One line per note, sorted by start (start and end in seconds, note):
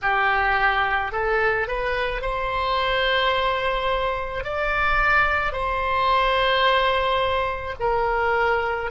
0.02 1.12 G4
1.12 1.67 A4
1.67 2.21 B4
2.21 4.43 C5
4.43 5.52 D5
5.52 7.74 C5
7.79 8.90 A#4